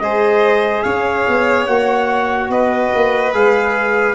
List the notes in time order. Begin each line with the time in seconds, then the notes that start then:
0.00 G#3 G#4 C5 D#5
0.83 C#4 C#5 F5
1.28 B3
1.67 A#3 F#4 F#5
2.50 B3 B4 D#5
2.94 A#3
3.34 G#3 G#4 F5